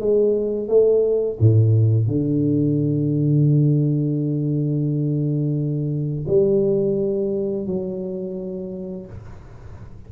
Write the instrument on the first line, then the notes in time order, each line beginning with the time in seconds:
tuba
0.00 G#3
0.68 A3
1.40 A2
2.07 D3
6.27 G3
7.66 F#3